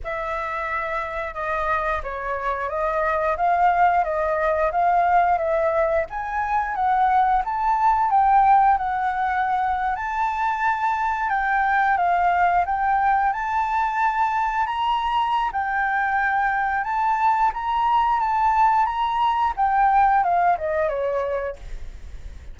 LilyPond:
\new Staff \with { instrumentName = "flute" } { \time 4/4 \tempo 4 = 89 e''2 dis''4 cis''4 | dis''4 f''4 dis''4 f''4 | e''4 gis''4 fis''4 a''4 | g''4 fis''4.~ fis''16 a''4~ a''16~ |
a''8. g''4 f''4 g''4 a''16~ | a''4.~ a''16 ais''4~ ais''16 g''4~ | g''4 a''4 ais''4 a''4 | ais''4 g''4 f''8 dis''8 cis''4 | }